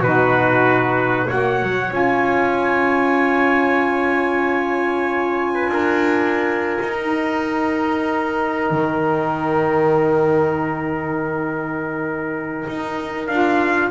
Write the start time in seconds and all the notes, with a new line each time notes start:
0.00 B2 D#4 F#4 B4
1.27 A#3 F#4 C#5 F#5
1.62 F#3
1.89 C#4 F4 G#5
5.54 B4
5.68 D4 A#4
6.81 D#4
6.98 D#4 G5
8.71 D#3
12.68 D#4
13.27 D4 F4 F5